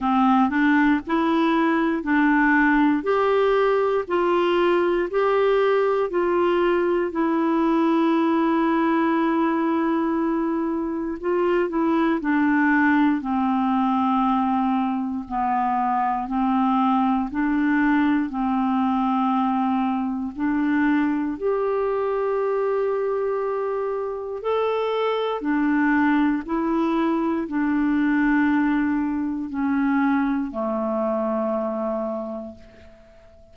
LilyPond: \new Staff \with { instrumentName = "clarinet" } { \time 4/4 \tempo 4 = 59 c'8 d'8 e'4 d'4 g'4 | f'4 g'4 f'4 e'4~ | e'2. f'8 e'8 | d'4 c'2 b4 |
c'4 d'4 c'2 | d'4 g'2. | a'4 d'4 e'4 d'4~ | d'4 cis'4 a2 | }